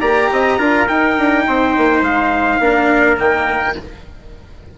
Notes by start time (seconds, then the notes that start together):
0.00 A#3 G4 D5 A#5
0.31 C4 D#5
0.58 D4 F4 A#4
0.87 D#4 G5
1.18 D4
1.47 C4 C5
1.77 A#3
2.01 G#3 F5
2.59 A#3 D4 A#4
3.17 D#3 A#3 G5